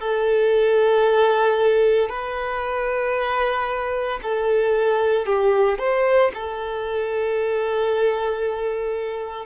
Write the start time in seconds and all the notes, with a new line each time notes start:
0.00 A4
2.09 B4
4.22 A4
5.26 G4
5.78 C5
6.34 A4